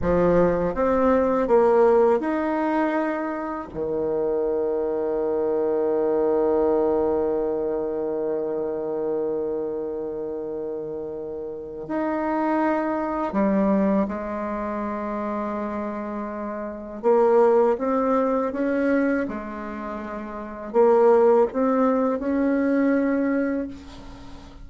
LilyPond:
\new Staff \with { instrumentName = "bassoon" } { \time 4/4 \tempo 4 = 81 f4 c'4 ais4 dis'4~ | dis'4 dis2.~ | dis1~ | dis1 |
dis'2 g4 gis4~ | gis2. ais4 | c'4 cis'4 gis2 | ais4 c'4 cis'2 | }